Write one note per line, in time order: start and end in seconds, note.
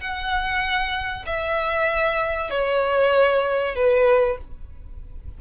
0.00 1.25 F#5
1.26 2.50 E5
2.50 3.75 C#5
3.75 4.37 B4